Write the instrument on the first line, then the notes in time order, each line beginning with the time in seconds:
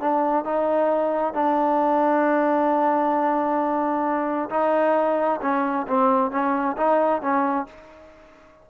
trombone
0.00 D4
0.45 D#4
1.34 D4
4.50 D#4
5.41 C#4
5.87 C4
6.31 C#4
6.77 D#4
7.22 C#4